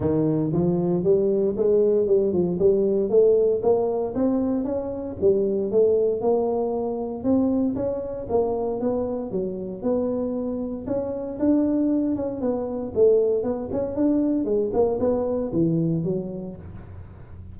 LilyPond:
\new Staff \with { instrumentName = "tuba" } { \time 4/4 \tempo 4 = 116 dis4 f4 g4 gis4 | g8 f8 g4 a4 ais4 | c'4 cis'4 g4 a4 | ais2 c'4 cis'4 |
ais4 b4 fis4 b4~ | b4 cis'4 d'4. cis'8 | b4 a4 b8 cis'8 d'4 | gis8 ais8 b4 e4 fis4 | }